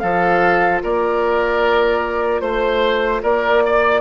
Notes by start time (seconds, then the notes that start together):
0.00 F3 F4 A4 F5
0.83 A#3 A#4 D5
2.41 A3 C5
3.23 A#3 A#4 D5
3.66 D5